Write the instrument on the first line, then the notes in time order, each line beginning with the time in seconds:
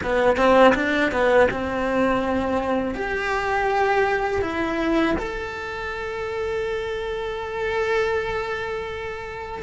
cello
0.03 B3
0.36 C4
0.74 D4
1.11 B3
1.50 C4
2.95 G4
4.41 E4
5.18 A4